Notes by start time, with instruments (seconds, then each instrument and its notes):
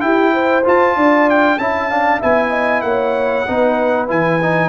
0.00 trombone E4, tuba E4, horn G4, trumpet G5
0.33 horn C5
0.64 trombone F4, tuba F4, trumpet A5
0.95 tuba D4, horn D5
1.29 trumpet G5
1.58 tuba C#4, trombone E4, horn E5, trumpet A5
1.90 trombone D4, horn F5
2.20 tuba B3, trombone E4, horn E5, trumpet G#5
2.50 horn D#5
2.81 tuba A#3, horn C#5, trumpet F#5
3.46 tuba B3, trombone D#4, horn B4
4.08 tuba E3, trombone E4, trumpet G#5
4.42 trombone D#4